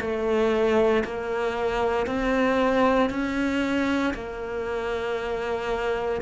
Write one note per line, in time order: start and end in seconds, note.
0.00 1.03 A3
1.04 2.06 A#3
2.06 3.09 C4
3.10 4.13 C#4
4.14 6.21 A#3